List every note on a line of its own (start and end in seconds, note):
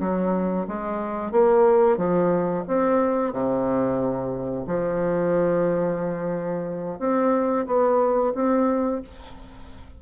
0.00 0.67 F#3
0.68 1.32 G#3
1.32 1.97 A#3
1.97 2.64 F3
2.68 3.33 C4
3.33 4.66 C3
4.67 6.99 F3
6.99 7.66 C4
7.66 8.33 B3
8.35 9.02 C4